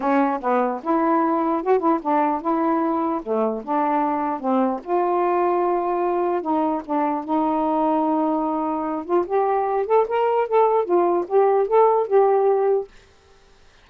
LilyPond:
\new Staff \with { instrumentName = "saxophone" } { \time 4/4 \tempo 4 = 149 cis'4 b4 e'2 | fis'8 e'8 d'4 e'2 | a4 d'2 c'4 | f'1 |
dis'4 d'4 dis'2~ | dis'2~ dis'8 f'8 g'4~ | g'8 a'8 ais'4 a'4 f'4 | g'4 a'4 g'2 | }